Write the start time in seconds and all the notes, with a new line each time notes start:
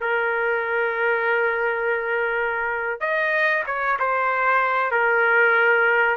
0.00 A#4
3.00 D#5
3.66 C#5
3.99 C5
4.91 A#4